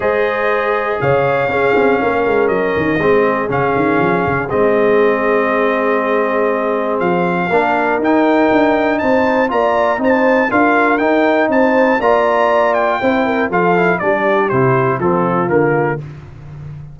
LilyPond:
<<
  \new Staff \with { instrumentName = "trumpet" } { \time 4/4 \tempo 4 = 120 dis''2 f''2~ | f''4 dis''2 f''4~ | f''4 dis''2.~ | dis''2 f''2 |
g''2 a''4 ais''4 | a''4 f''4 g''4 a''4 | ais''4. g''4. f''4 | d''4 c''4 a'4 ais'4 | }
  \new Staff \with { instrumentName = "horn" } { \time 4/4 c''2 cis''4 gis'4 | ais'2 gis'2~ | gis'1~ | gis'2. ais'4~ |
ais'2 c''4 d''4 | c''4 ais'2 c''4 | d''2 c''8 ais'8 a'4 | g'2 f'2 | }
  \new Staff \with { instrumentName = "trombone" } { \time 4/4 gis'2. cis'4~ | cis'2 c'4 cis'4~ | cis'4 c'2.~ | c'2. d'4 |
dis'2. f'4 | dis'4 f'4 dis'2 | f'2 e'4 f'8 e'8 | d'4 e'4 c'4 ais4 | }
  \new Staff \with { instrumentName = "tuba" } { \time 4/4 gis2 cis4 cis'8 c'8 | ais8 gis8 fis8 dis8 gis4 cis8 dis8 | f8 cis8 gis2.~ | gis2 f4 ais4 |
dis'4 d'4 c'4 ais4 | c'4 d'4 dis'4 c'4 | ais2 c'4 f4 | g4 c4 f4 d4 | }
>>